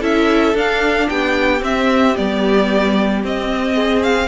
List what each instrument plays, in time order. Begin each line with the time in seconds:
0.00 cello C#4, viola E4, violin A4 E5
0.55 cello D4, viola D4, violin F5
1.09 cello B3, violin G4 G5
1.59 viola C4, cello C4, violin E5
2.16 cello G3, viola B3, violin D5
3.23 viola C4, cello C4, violin D#5
3.75 violin G#4
4.03 violin F5